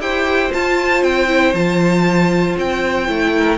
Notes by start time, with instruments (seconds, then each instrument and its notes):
0.00 cello E4, viola G4, violin C5 G5
0.52 viola F4, cello F4, violin A5
1.03 cello C4, violin G5
1.28 viola E4
1.54 cello F3, viola F4, violin A5
2.58 cello C4, violin G5
3.07 cello A3, viola E4
3.37 violin A#4